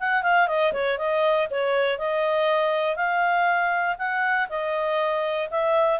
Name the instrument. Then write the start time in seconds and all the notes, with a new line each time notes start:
clarinet
0.00 F#5
0.23 F5
0.48 D#5
0.73 C#5
0.98 D#5
1.50 C#5
1.99 D#5
2.96 F5
3.99 F#5
4.49 D#5
5.51 E5